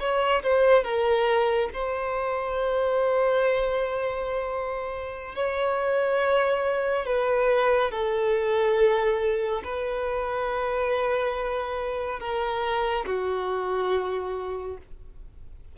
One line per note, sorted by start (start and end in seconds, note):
0.00 0.43 C#5
0.43 0.84 C5
0.84 1.70 A#4
1.74 5.35 C5
5.35 7.06 C#5
7.06 7.91 B4
7.91 9.63 A4
9.65 12.20 B4
12.20 13.06 A#4
13.06 14.78 F#4